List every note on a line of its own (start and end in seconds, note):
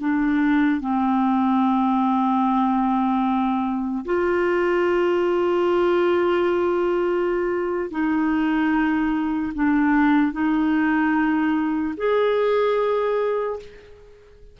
0.00 0.80 D4
0.80 4.05 C4
4.05 7.90 F4
7.91 9.53 D#4
9.54 10.32 D4
10.32 11.94 D#4
11.97 13.59 G#4